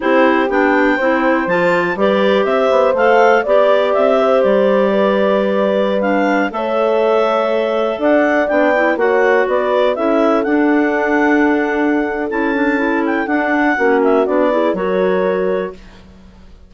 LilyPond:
<<
  \new Staff \with { instrumentName = "clarinet" } { \time 4/4 \tempo 4 = 122 c''4 g''2 a''4 | d''4 e''4 f''4 d''4 | e''4 d''2.~ | d''16 f''4 e''2~ e''8.~ |
e''16 fis''4 g''4 fis''4 d''8.~ | d''16 e''4 fis''2~ fis''8.~ | fis''4 a''4. g''8 fis''4~ | fis''8 e''8 d''4 cis''2 | }
  \new Staff \with { instrumentName = "horn" } { \time 4/4 g'2 c''2 | b'4 c''2 d''4~ | d''8 c''4. b'2~ | b'4~ b'16 cis''2~ cis''8.~ |
cis''16 d''2 cis''4 b'8.~ | b'16 a'2.~ a'8.~ | a'1 | fis'4. gis'8 ais'2 | }
  \new Staff \with { instrumentName = "clarinet" } { \time 4/4 e'4 d'4 e'4 f'4 | g'2 a'4 g'4~ | g'1~ | g'16 d'4 a'2~ a'8.~ |
a'4~ a'16 d'8 e'8 fis'4.~ fis'16~ | fis'16 e'4 d'2~ d'8.~ | d'4 e'8 d'8 e'4 d'4 | cis'4 d'8 e'8 fis'2 | }
  \new Staff \with { instrumentName = "bassoon" } { \time 4/4 c'4 b4 c'4 f4 | g4 c'8 b8 a4 b4 | c'4 g2.~ | g4~ g16 a2~ a8.~ |
a16 d'4 b4 ais4 b8.~ | b16 cis'4 d'2~ d'8.~ | d'4 cis'2 d'4 | ais4 b4 fis2 | }
>>